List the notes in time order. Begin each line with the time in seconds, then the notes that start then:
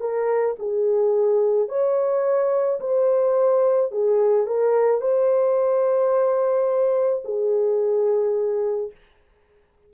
0.00 A#4
0.59 G#4
1.68 C#5
2.80 C5
3.91 G#4
4.47 A#4
5.01 C5
7.25 G#4